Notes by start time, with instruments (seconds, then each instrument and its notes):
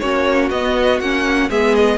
0.00 cello A#3, viola C#4, violin F#4 C#5
0.50 cello B3, viola B3, violin D#5
1.00 cello A#3, viola C#4, violin F#5
1.49 cello G#3, viola B3, violin G#4 E5
1.76 violin D#5